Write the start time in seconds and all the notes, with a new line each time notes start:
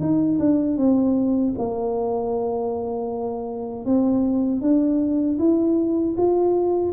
0.00 D#4
0.40 D4
0.78 C4
1.58 A#3
3.86 C4
4.62 D4
5.39 E4
6.17 F4